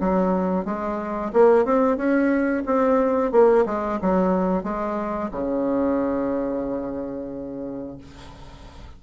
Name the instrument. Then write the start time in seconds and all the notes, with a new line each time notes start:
bassoon
0.00 F#3
0.65 G#3
1.33 A#3
1.65 C4
1.97 C#4
2.65 C4
3.32 A#3
3.66 G#3
4.01 F#3
4.63 G#3
5.31 C#3